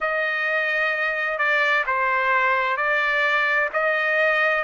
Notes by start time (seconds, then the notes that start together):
0.00 D#5
1.38 D5
1.86 C5
2.77 D5
3.73 D#5